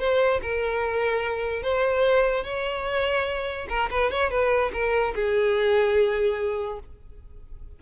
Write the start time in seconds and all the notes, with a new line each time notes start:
0.00 C5
0.43 A#4
1.63 C5
2.45 C#5
3.69 A#4
3.91 B4
4.12 C#5
4.31 B4
4.74 A#4
5.15 G#4